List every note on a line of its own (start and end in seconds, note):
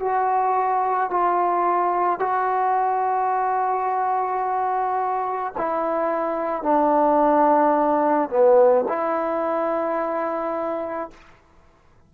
0.00 1.11 F#4
1.11 2.20 F4
2.20 5.53 F#4
5.58 6.63 E4
6.63 8.29 D4
8.30 8.85 B3
8.88 11.11 E4